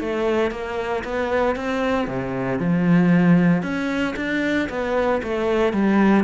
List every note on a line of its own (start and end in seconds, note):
0.00 0.51 A3
0.51 1.04 A#3
1.04 1.56 B3
1.56 2.08 C4
2.08 2.59 C3
2.59 3.63 F3
3.63 4.15 C#4
4.17 4.69 D4
4.69 5.22 B3
5.23 5.73 A3
5.73 6.24 G3